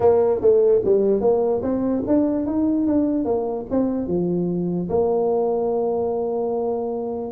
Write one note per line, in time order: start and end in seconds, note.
0.00 0.41 A#3
0.41 0.81 A3
0.84 1.20 G3
1.20 1.61 A#3
1.62 2.03 C4
2.07 2.46 D4
2.46 2.86 D#4
2.86 3.24 D4
3.24 3.65 A#3
3.70 4.07 C4
4.07 4.88 F3
4.89 7.31 A#3